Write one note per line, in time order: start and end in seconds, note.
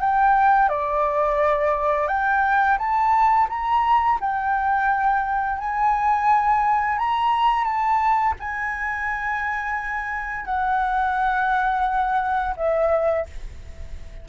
0.00 0.69 G5
0.69 2.08 D5
2.08 2.77 G5
2.78 3.48 A5
3.49 4.19 A#5
4.21 5.59 G5
5.59 6.98 G#5
6.98 7.64 A#5
7.64 8.34 A5
8.40 10.45 G#5
10.45 12.55 F#5
12.56 13.26 E5